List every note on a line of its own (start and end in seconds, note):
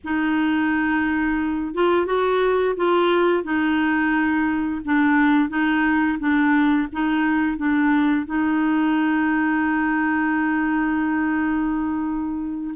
0.03 1.74 D#4
1.74 2.06 F4
2.06 2.75 F#4
2.76 3.43 F4
3.43 4.81 D#4
4.84 5.49 D4
5.49 6.18 D#4
6.19 6.88 D4
6.92 7.57 D#4
7.57 8.26 D4
8.26 12.74 D#4